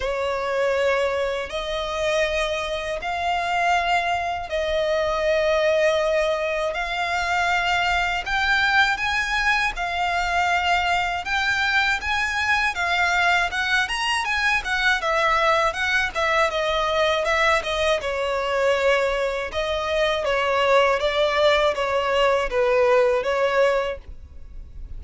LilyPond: \new Staff \with { instrumentName = "violin" } { \time 4/4 \tempo 4 = 80 cis''2 dis''2 | f''2 dis''2~ | dis''4 f''2 g''4 | gis''4 f''2 g''4 |
gis''4 f''4 fis''8 ais''8 gis''8 fis''8 | e''4 fis''8 e''8 dis''4 e''8 dis''8 | cis''2 dis''4 cis''4 | d''4 cis''4 b'4 cis''4 | }